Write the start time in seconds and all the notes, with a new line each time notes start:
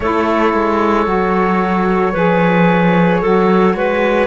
0.00 A3 E4 A4 C#5
0.53 G#3
1.05 F#3 F#4
2.13 F3 G#4 B4
3.21 F#3 F#4 A4
3.74 G#3 B4